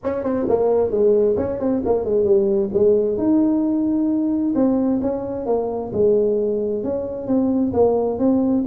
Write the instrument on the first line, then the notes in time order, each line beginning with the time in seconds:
tuba
0.03 C#4
0.23 C4
0.48 A#3
0.90 G#3
1.36 C#4
1.59 C4
1.85 A#3
2.05 G#3
2.24 G3
2.73 G#3
3.17 D#4
4.55 C4
5.01 C#4
5.45 A#3
5.92 G#3
6.83 C#4
7.27 C4
7.73 A#3
8.18 C4